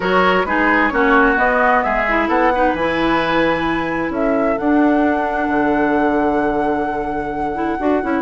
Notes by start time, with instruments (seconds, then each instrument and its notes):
0.00 bassoon F#3, clarinet F#4, oboe A#4, flute C#5
0.44 bassoon G#3, clarinet D#4, oboe G#4, flute B4
0.88 bassoon A#3, clarinet C#4, oboe F#4, flute C#5
1.36 clarinet B3, bassoon B3, flute D#5
1.82 bassoon G#3, oboe G#4, flute E5
2.08 clarinet E4
2.28 bassoon B3, oboe A4, flute F#5
2.54 clarinet D#4, oboe B4
2.73 bassoon E3, clarinet E4, flute G#5
4.09 bassoon C#4, oboe A4, flute E5
4.57 clarinet D4, bassoon D4, flute F#5
5.47 bassoon D3
7.54 clarinet E4
7.79 bassoon D4, clarinet F#4
8.02 bassoon C#4, clarinet E4